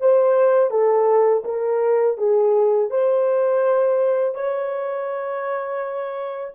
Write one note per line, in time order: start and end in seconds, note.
0.00 0.70 C5
0.70 1.43 A4
1.44 2.17 A#4
2.17 2.90 G#4
2.90 4.34 C5
4.34 6.54 C#5